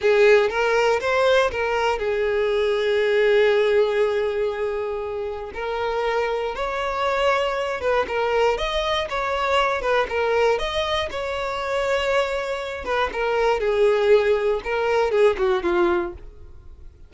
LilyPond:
\new Staff \with { instrumentName = "violin" } { \time 4/4 \tempo 4 = 119 gis'4 ais'4 c''4 ais'4 | gis'1~ | gis'2. ais'4~ | ais'4 cis''2~ cis''8 b'8 |
ais'4 dis''4 cis''4. b'8 | ais'4 dis''4 cis''2~ | cis''4. b'8 ais'4 gis'4~ | gis'4 ais'4 gis'8 fis'8 f'4 | }